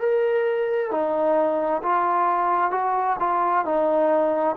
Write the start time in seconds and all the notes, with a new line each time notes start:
0.00 A#4
0.91 D#4
1.82 F4
2.71 F#4
3.19 F4
3.65 D#4